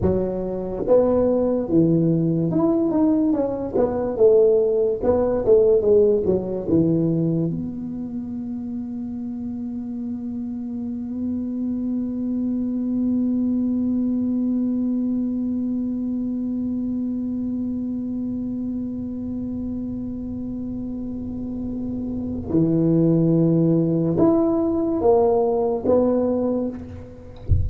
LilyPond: \new Staff \with { instrumentName = "tuba" } { \time 4/4 \tempo 4 = 72 fis4 b4 e4 e'8 dis'8 | cis'8 b8 a4 b8 a8 gis8 fis8 | e4 b2.~ | b1~ |
b1~ | b1~ | b2. e4~ | e4 e'4 ais4 b4 | }